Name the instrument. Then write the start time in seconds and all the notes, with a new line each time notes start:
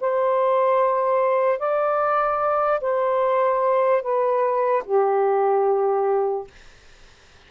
saxophone
0.00 C5
1.58 D5
2.81 C5
4.02 B4
4.85 G4